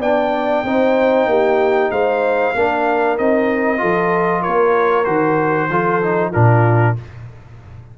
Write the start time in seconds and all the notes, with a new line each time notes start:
0.00 B3 D4 D5 G5
0.64 C4 D#4 C5
1.26 A#3 G4
1.91 G#3 C5 F5
2.55 A#3 D4 A#4
3.18 C4 D#4 D#5
3.78 F3 F4 A4
4.42 A#3 A#4 C#5
5.04 D#3 F#4 C5
5.69 F3 F4 A4
6.03 D#4
6.31 A#2 D4 F4 A#4